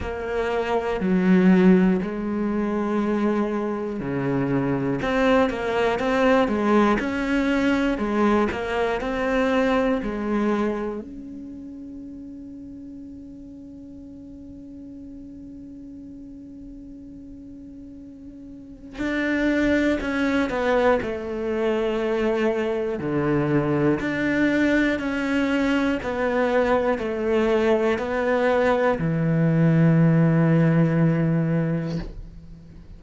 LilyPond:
\new Staff \with { instrumentName = "cello" } { \time 4/4 \tempo 4 = 60 ais4 fis4 gis2 | cis4 c'8 ais8 c'8 gis8 cis'4 | gis8 ais8 c'4 gis4 cis'4~ | cis'1~ |
cis'2. d'4 | cis'8 b8 a2 d4 | d'4 cis'4 b4 a4 | b4 e2. | }